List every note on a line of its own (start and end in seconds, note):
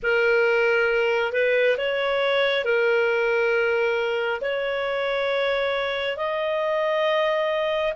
0.02 1.32 A#4
1.32 1.76 B4
1.77 2.64 C#5
2.64 4.40 A#4
4.41 6.16 C#5
6.16 7.93 D#5